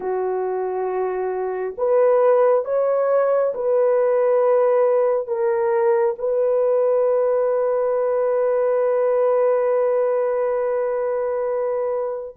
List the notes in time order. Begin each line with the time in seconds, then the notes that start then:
0.00 F#4
1.77 B4
2.65 C#5
3.54 B4
5.27 A#4
6.18 B4